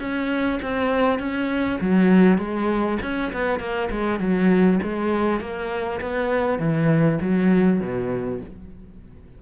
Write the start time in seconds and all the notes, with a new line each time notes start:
0.00 C#4
0.62 C4
1.19 C#4
1.81 F#3
2.38 G#3
3.02 C#4
3.33 B3
3.60 A#3
3.91 G#3
4.20 F#3
4.83 G#3
5.41 A#3
6.01 B3
6.59 E3
7.21 F#3
7.81 B2